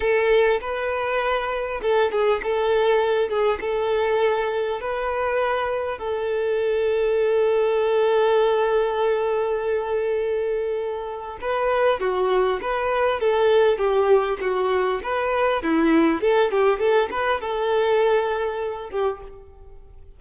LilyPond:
\new Staff \with { instrumentName = "violin" } { \time 4/4 \tempo 4 = 100 a'4 b'2 a'8 gis'8 | a'4. gis'8 a'2 | b'2 a'2~ | a'1~ |
a'2. b'4 | fis'4 b'4 a'4 g'4 | fis'4 b'4 e'4 a'8 g'8 | a'8 b'8 a'2~ a'8 g'8 | }